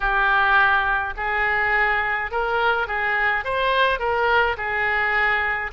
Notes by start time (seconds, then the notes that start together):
0.00 G4
1.17 G#4
2.31 A#4
2.87 G#4
3.44 C5
3.99 A#4
4.57 G#4